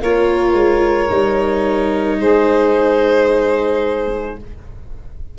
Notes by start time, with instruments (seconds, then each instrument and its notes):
0.00 tuba A#3, viola F4, saxophone A#4, violin C#5
0.52 tuba G#3
1.08 tuba G3, viola D#4
2.20 tuba G#3, saxophone G#4, violin C5